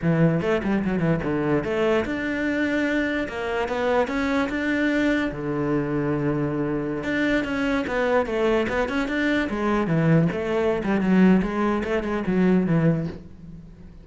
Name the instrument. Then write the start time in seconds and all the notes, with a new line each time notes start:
cello
0.02 E3
0.41 A3
0.63 G3
0.84 F#3
0.99 E3
1.23 D3
1.63 A3
2.05 D4
3.28 A#3
3.68 B3
4.07 C#4
4.49 D4
5.31 D3
7.03 D4
7.44 C#4
7.87 B3
8.26 A3
8.68 B3
8.88 C#4
9.08 D4
9.49 G#3
9.87 E3
10.32 A3
10.83 G3
11.00 F#3
11.42 G#3
11.83 A3
12.03 G#3
12.26 F#3
12.66 E3